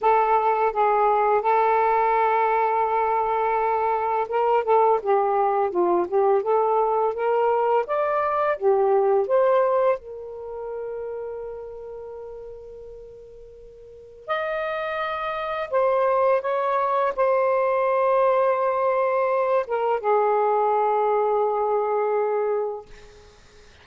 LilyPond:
\new Staff \with { instrumentName = "saxophone" } { \time 4/4 \tempo 4 = 84 a'4 gis'4 a'2~ | a'2 ais'8 a'8 g'4 | f'8 g'8 a'4 ais'4 d''4 | g'4 c''4 ais'2~ |
ais'1 | dis''2 c''4 cis''4 | c''2.~ c''8 ais'8 | gis'1 | }